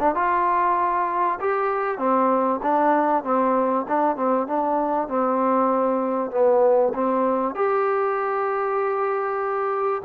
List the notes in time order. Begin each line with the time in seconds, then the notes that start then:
0.00 D4
0.15 F4
1.40 G4
1.99 C4
2.63 D4
3.24 C4
3.89 D4
4.17 C4
4.47 D4
5.08 C4
6.31 B3
6.94 C4
7.55 G4